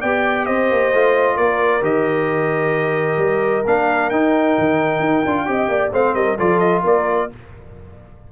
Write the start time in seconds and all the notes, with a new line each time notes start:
0.00 B3 G4 D5 G5
0.46 C4 C5 D#5
0.71 A#3
0.93 A3 F4
1.36 A#3 A#4 D5
1.82 D#3 G4 D#5
3.17 G3
3.66 A#3 D4 F5
4.09 D#4 G5
4.58 D#3
5.00 D#4
5.25 D4 F4
5.46 C4 G4 D#5
5.68 A#3 D5
5.92 A3 C4 C5 F5
6.14 G3 A#4 D#5
6.38 F3 F4 A4 D5
6.59 D#5
6.83 A#3 A#4 D5